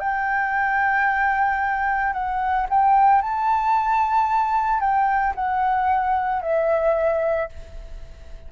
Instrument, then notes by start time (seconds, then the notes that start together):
flute
0.00 G5
2.13 F#5
2.69 G5
3.21 A5
4.80 G5
5.35 F#5
6.42 E5